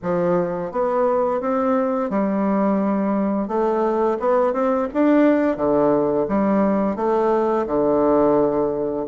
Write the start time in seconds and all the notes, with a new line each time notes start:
0.02 F3
0.71 B3
1.40 C4
2.10 G3
3.48 A3
4.19 B3
4.53 C4
4.93 D4
5.56 D3
6.28 G3
6.96 A3
7.66 D3